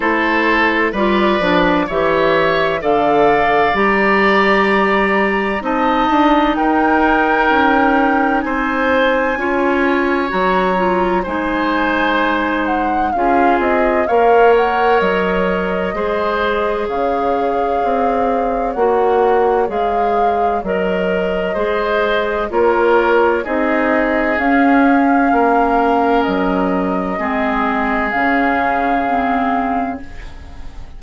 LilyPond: <<
  \new Staff \with { instrumentName = "flute" } { \time 4/4 \tempo 4 = 64 c''4 d''4 e''4 f''4 | ais''2 a''4 g''4~ | g''4 gis''2 ais''4 | gis''4. fis''8 f''8 dis''8 f''8 fis''8 |
dis''2 f''2 | fis''4 f''4 dis''2 | cis''4 dis''4 f''2 | dis''2 f''2 | }
  \new Staff \with { instrumentName = "oboe" } { \time 4/4 a'4 b'4 cis''4 d''4~ | d''2 dis''4 ais'4~ | ais'4 c''4 cis''2 | c''2 gis'4 cis''4~ |
cis''4 c''4 cis''2~ | cis''2. c''4 | ais'4 gis'2 ais'4~ | ais'4 gis'2. | }
  \new Staff \with { instrumentName = "clarinet" } { \time 4/4 e'4 f'8 d'8 g'4 a'4 | g'2 dis'2~ | dis'2 f'4 fis'8 f'8 | dis'2 f'4 ais'4~ |
ais'4 gis'2. | fis'4 gis'4 ais'4 gis'4 | f'4 dis'4 cis'2~ | cis'4 c'4 cis'4 c'4 | }
  \new Staff \with { instrumentName = "bassoon" } { \time 4/4 a4 g8 f8 e4 d4 | g2 c'8 d'8 dis'4 | cis'4 c'4 cis'4 fis4 | gis2 cis'8 c'8 ais4 |
fis4 gis4 cis4 c'4 | ais4 gis4 fis4 gis4 | ais4 c'4 cis'4 ais4 | fis4 gis4 cis2 | }
>>